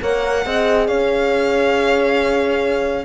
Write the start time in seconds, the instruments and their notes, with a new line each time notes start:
0.00 cello A#3, horn A#4 C#5, violin F#5
0.44 cello C4, horn G#4 D#5
0.87 cello C#4, horn C#5, violin F5